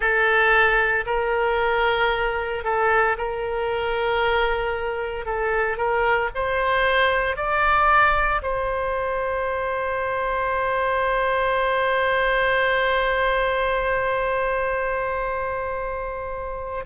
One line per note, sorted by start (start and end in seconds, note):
0.00 1.05 A4
1.06 2.64 A#4
2.64 3.16 A4
3.17 5.25 A#4
5.25 5.77 A4
5.77 6.29 A#4
6.34 7.36 C5
7.36 8.41 D5
8.42 16.84 C5